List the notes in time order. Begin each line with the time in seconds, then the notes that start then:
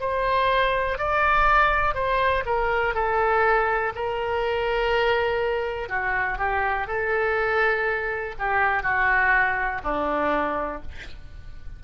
0.00 C5
0.98 D5
1.94 C5
2.45 A#4
2.95 A4
3.95 A#4
5.89 F#4
6.38 G4
6.87 A4
8.39 G4
8.83 F#4
9.84 D4